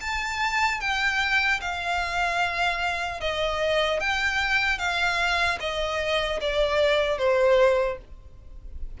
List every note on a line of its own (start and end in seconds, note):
0.00 0.80 A5
0.80 1.60 G5
1.60 3.20 F5
3.20 4.00 D#5
4.00 4.78 G5
4.78 5.58 F5
5.60 6.40 D#5
6.40 7.17 D5
7.17 7.97 C5